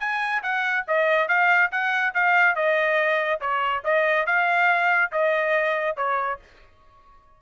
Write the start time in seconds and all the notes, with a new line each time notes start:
0.00 G#5
0.43 F#5
0.88 D#5
1.28 F5
1.72 F#5
2.14 F5
2.55 D#5
3.41 C#5
3.84 D#5
4.26 F5
5.12 D#5
5.97 C#5